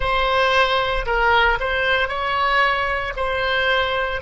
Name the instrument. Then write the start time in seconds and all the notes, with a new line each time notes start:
oboe
0.00 C5
1.05 A#4
1.60 C5
2.08 C#5
3.16 C5